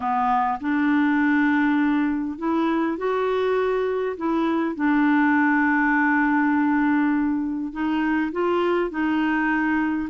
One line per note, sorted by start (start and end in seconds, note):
0.00 0.59 B3
0.60 2.38 D4
2.38 2.97 E4
2.97 4.16 F#4
4.17 4.75 E4
4.75 7.72 D4
7.72 8.31 D#4
8.32 8.90 F4
8.90 10.09 D#4